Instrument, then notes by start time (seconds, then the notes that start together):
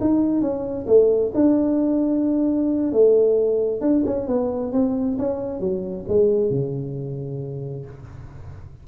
tuba
0.00 D#4
0.41 C#4
0.87 A3
1.34 D4
2.92 A3
3.81 D4
4.05 C#4
4.27 B3
4.72 C4
5.18 C#4
5.60 F#3
6.08 G#3
6.50 C#3